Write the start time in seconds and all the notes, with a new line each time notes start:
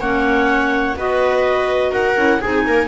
0.00 A#3 C#4 C#5 F#5
0.96 B3 F#4 B4 D#5
1.91 D#4 A#4 F#5
2.16 C#4 E4
2.41 C4 D#4 G#4 G#5
2.66 A#3 A#4